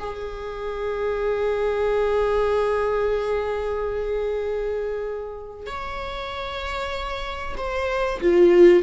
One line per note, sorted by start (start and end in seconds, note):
0.00 5.67 G#4
5.67 7.56 C#5
7.58 8.21 C5
8.21 8.84 F4